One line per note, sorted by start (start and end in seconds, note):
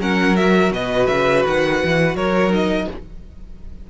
0.00 0.72 F#3
0.00 0.36 C#4
0.00 0.73 A#4
0.00 0.37 F#5
0.37 2.50 F#4
0.37 0.73 E5
0.72 1.08 B2
0.72 2.15 B4
0.72 1.07 D#5
1.07 1.45 C#3
1.07 1.43 E5
1.47 1.84 D#3
1.47 2.17 F#5
1.84 2.15 E3
2.15 2.87 F#3
2.15 2.88 A#4
2.15 2.53 C#5
2.50 2.86 D#4
2.50 2.91 D#5